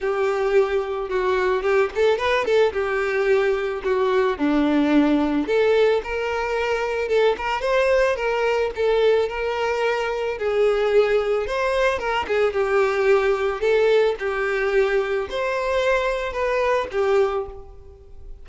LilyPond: \new Staff \with { instrumentName = "violin" } { \time 4/4 \tempo 4 = 110 g'2 fis'4 g'8 a'8 | b'8 a'8 g'2 fis'4 | d'2 a'4 ais'4~ | ais'4 a'8 ais'8 c''4 ais'4 |
a'4 ais'2 gis'4~ | gis'4 c''4 ais'8 gis'8 g'4~ | g'4 a'4 g'2 | c''2 b'4 g'4 | }